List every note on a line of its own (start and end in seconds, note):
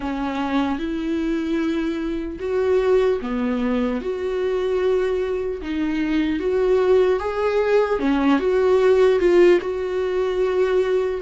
0.00 0.79 C#4
0.79 2.39 E4
2.39 3.19 F#4
3.21 4.01 B3
4.01 5.61 F#4
5.61 6.39 D#4
6.39 7.19 F#4
7.19 7.99 G#4
7.99 8.39 C#4
8.39 9.19 F#4
9.19 9.59 F4
9.60 11.20 F#4